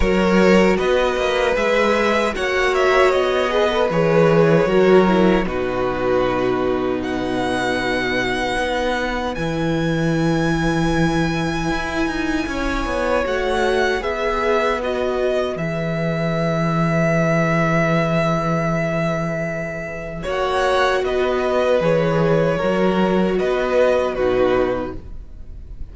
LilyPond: <<
  \new Staff \with { instrumentName = "violin" } { \time 4/4 \tempo 4 = 77 cis''4 dis''4 e''4 fis''8 e''8 | dis''4 cis''2 b'4~ | b'4 fis''2. | gis''1~ |
gis''4 fis''4 e''4 dis''4 | e''1~ | e''2 fis''4 dis''4 | cis''2 dis''4 b'4 | }
  \new Staff \with { instrumentName = "violin" } { \time 4/4 ais'4 b'2 cis''4~ | cis''8 b'4. ais'4 fis'4~ | fis'4 b'2.~ | b'1 |
cis''2 b'2~ | b'1~ | b'2 cis''4 b'4~ | b'4 ais'4 b'4 fis'4 | }
  \new Staff \with { instrumentName = "viola" } { \time 4/4 fis'2 gis'4 fis'4~ | fis'8 gis'16 a'16 gis'4 fis'8 e'8 dis'4~ | dis'1 | e'1~ |
e'4 fis'4 gis'4 fis'4 | gis'1~ | gis'2 fis'2 | gis'4 fis'2 dis'4 | }
  \new Staff \with { instrumentName = "cello" } { \time 4/4 fis4 b8 ais8 gis4 ais4 | b4 e4 fis4 b,4~ | b,2. b4 | e2. e'8 dis'8 |
cis'8 b8 a4 b2 | e1~ | e2 ais4 b4 | e4 fis4 b4 b,4 | }
>>